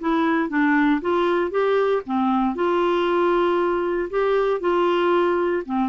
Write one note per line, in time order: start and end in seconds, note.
0.00 0.49 E4
0.49 1.01 D4
1.01 1.51 F4
1.51 2.02 G4
2.06 2.55 C4
2.55 4.09 F4
4.10 4.61 G4
4.61 5.63 F4
5.65 5.89 C4